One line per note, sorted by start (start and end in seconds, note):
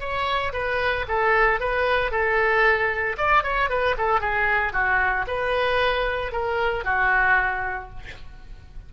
0.00 0.53 C#5
0.53 1.06 B4
1.08 1.60 A4
1.60 2.11 B4
2.11 3.17 A4
3.18 3.44 D5
3.44 3.70 C#5
3.70 3.96 B4
3.98 4.21 A4
4.21 4.73 G#4
4.73 5.26 F#4
5.28 6.32 B4
6.32 6.85 A#4
6.85 7.90 F#4